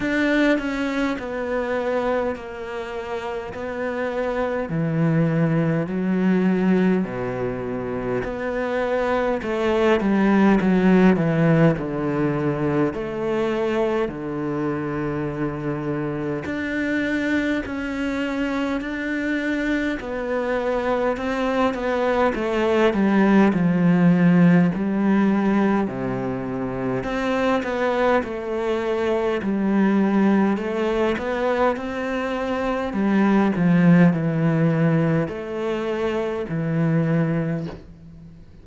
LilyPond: \new Staff \with { instrumentName = "cello" } { \time 4/4 \tempo 4 = 51 d'8 cis'8 b4 ais4 b4 | e4 fis4 b,4 b4 | a8 g8 fis8 e8 d4 a4 | d2 d'4 cis'4 |
d'4 b4 c'8 b8 a8 g8 | f4 g4 c4 c'8 b8 | a4 g4 a8 b8 c'4 | g8 f8 e4 a4 e4 | }